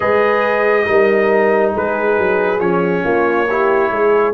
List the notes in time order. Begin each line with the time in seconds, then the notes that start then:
0.00 G#3 G#4 B4 D#5
0.85 G3 D#4 A#4
1.73 G#3 G#4 B4
2.18 F#3
2.59 F3 C#4 C#5
3.03 A#3 F4
3.47 E4 G4
3.90 G#3 G#4